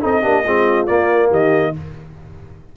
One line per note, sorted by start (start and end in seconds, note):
0.00 0.24 C4
0.00 0.22 D#4
0.00 0.22 A4
0.00 0.86 D#5
0.22 0.45 A#3
0.22 0.43 D4
0.22 0.43 G4
0.44 0.88 G#3
0.44 0.87 C4
0.44 1.29 F4
0.86 1.73 A#3
0.86 1.30 A#3
0.86 1.29 D5
1.29 1.73 D#3
1.29 1.72 G4
1.29 1.76 D#5